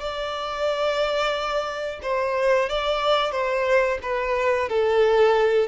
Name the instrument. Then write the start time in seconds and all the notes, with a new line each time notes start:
violin
0.00 D5
2.03 C5
2.69 D5
3.32 C5
4.03 B4
4.69 A4